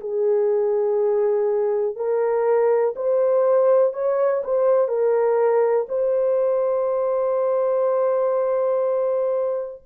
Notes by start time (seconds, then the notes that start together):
0.00 G#4
1.96 A#4
2.96 C5
3.93 C#5
4.44 C5
4.88 A#4
5.89 C5